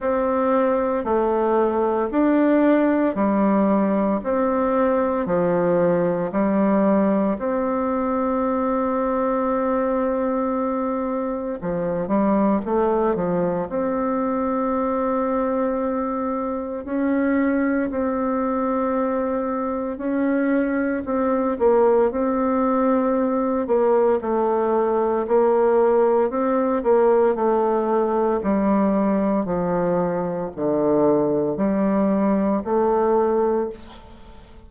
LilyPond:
\new Staff \with { instrumentName = "bassoon" } { \time 4/4 \tempo 4 = 57 c'4 a4 d'4 g4 | c'4 f4 g4 c'4~ | c'2. f8 g8 | a8 f8 c'2. |
cis'4 c'2 cis'4 | c'8 ais8 c'4. ais8 a4 | ais4 c'8 ais8 a4 g4 | f4 d4 g4 a4 | }